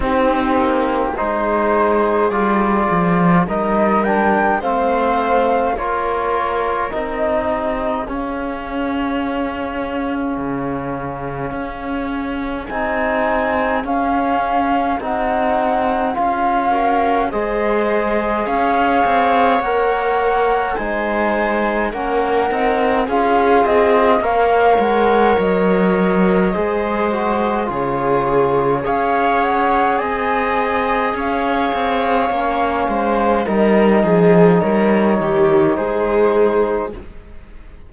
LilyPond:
<<
  \new Staff \with { instrumentName = "flute" } { \time 4/4 \tempo 4 = 52 g'4 c''4 d''4 dis''8 g''8 | f''4 cis''4 dis''4 f''4~ | f''2. gis''4 | f''4 fis''4 f''4 dis''4 |
f''4 fis''4 gis''4 fis''4 | f''8 dis''8 f''8 fis''8 dis''2 | cis''4 f''8 fis''8 gis''4 f''4~ | f''4 dis''4 cis''4 c''4 | }
  \new Staff \with { instrumentName = "viola" } { \time 4/4 dis'4 gis'2 ais'4 | c''4 ais'4. gis'4.~ | gis'1~ | gis'2~ gis'8 ais'8 c''4 |
cis''2 c''4 ais'4 | gis'4 cis''2 c''4 | gis'4 cis''4 dis''4 cis''4~ | cis''8 c''8 ais'8 gis'8 ais'8 g'8 gis'4 | }
  \new Staff \with { instrumentName = "trombone" } { \time 4/4 c'4 dis'4 f'4 dis'8 d'8 | c'4 f'4 dis'4 cis'4~ | cis'2. dis'4 | cis'4 dis'4 f'8 fis'8 gis'4~ |
gis'4 ais'4 dis'4 cis'8 dis'8 | f'4 ais'2 gis'8 fis'8 | f'4 gis'2. | cis'4 dis'2. | }
  \new Staff \with { instrumentName = "cello" } { \time 4/4 c'8 ais8 gis4 g8 f8 g4 | a4 ais4 c'4 cis'4~ | cis'4 cis4 cis'4 c'4 | cis'4 c'4 cis'4 gis4 |
cis'8 c'8 ais4 gis4 ais8 c'8 | cis'8 c'8 ais8 gis8 fis4 gis4 | cis4 cis'4 c'4 cis'8 c'8 | ais8 gis8 g8 f8 g8 dis8 gis4 | }
>>